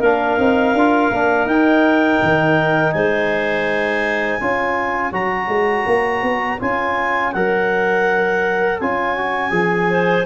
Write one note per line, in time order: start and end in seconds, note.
0.00 0.37 A#3
0.00 0.39 D4
0.00 2.93 A#4
0.00 1.47 F5
0.38 0.74 C4
0.38 0.75 D#4
0.74 1.10 D4
0.74 1.13 F4
1.11 1.46 A#3
1.11 1.49 D4
1.46 2.19 D#4
1.46 4.41 D#4
1.46 2.92 G5
2.22 2.94 D#3
2.92 4.40 G#3
2.92 4.38 C5
2.92 5.11 G#5
4.38 5.12 C#4
4.38 5.12 F4
4.38 9.87 C#5
5.12 5.48 F#3
5.12 6.59 F#4
5.12 6.59 A#5
5.48 5.84 G#3
5.86 6.22 A#3
6.22 6.59 B3
6.59 7.34 C#4
6.59 7.33 F4
6.59 7.32 G#5
7.32 8.81 F#3
7.32 8.82 A#4
7.32 8.79 F#5
8.80 9.51 C#4
8.80 9.17 F4
8.80 10.26 G#5
9.17 9.51 F#4
9.51 10.24 F3
9.51 10.24 G#4
9.90 10.26 C5